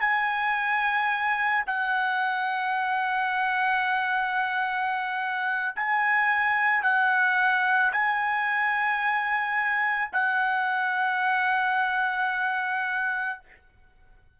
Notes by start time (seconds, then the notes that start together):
0.00 G#5
1.66 F#5
5.76 G#5
6.82 F#5
7.92 G#5
10.12 F#5